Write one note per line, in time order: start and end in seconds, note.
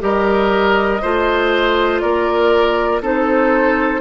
0.00 1.02 G3
0.00 1.00 G4
0.00 1.02 A#4
0.00 2.01 D#5
1.02 2.03 A3
1.02 3.02 F4
1.02 2.02 C5
2.01 3.01 A#3
2.01 3.02 A#4
2.01 3.01 D5
3.01 4.01 C4
3.01 4.01 D#4
3.01 4.01 A4
3.01 4.01 C5